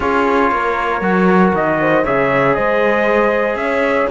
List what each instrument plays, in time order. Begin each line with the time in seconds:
0.00 cello C#4, trombone F4, horn G#4, trumpet C#5
0.51 cello A#3, horn A#4
1.01 cello F#3, trombone F#4
1.53 cello D#3, trumpet D#5
1.80 horn C5
2.04 cello C#3, trombone G#4, horn C#5, trumpet E5
2.54 cello G#3, horn C5, trumpet D#5
3.55 cello C#4, horn C#5, trumpet E5